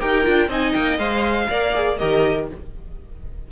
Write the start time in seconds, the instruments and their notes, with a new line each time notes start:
0.00 cello D#4, viola G4, violin A#4 G5
0.24 cello D4, viola F4
0.48 cello C4, viola D#4, violin D#5 G#5
0.73 cello A#3, violin G5
0.98 cello G#3, viola C5, violin F5
1.49 cello A#3, viola A#4, violin D5
1.74 viola G#4
1.98 cello D#3, viola G4, violin A#4 D#5